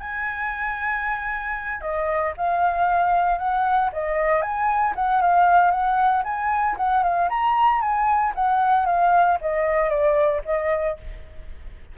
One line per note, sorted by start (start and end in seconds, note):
0.00 1.81 G#5
1.81 2.33 D#5
2.37 3.38 F5
3.38 3.90 F#5
3.93 4.42 D#5
4.42 4.94 G#5
4.95 5.22 F#5
5.22 5.71 F5
5.71 6.23 F#5
6.24 6.76 G#5
6.77 7.03 F#5
7.03 7.29 F5
7.29 7.81 A#5
7.81 8.33 G#5
8.35 8.86 F#5
8.86 9.38 F5
9.41 9.89 D#5
9.89 10.41 D5
10.45 10.97 D#5